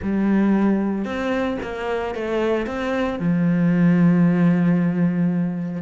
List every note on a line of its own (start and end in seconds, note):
0.02 1.04 G3
1.04 1.57 C4
1.62 2.14 A#3
2.14 2.66 A3
2.66 3.19 C4
3.19 5.82 F3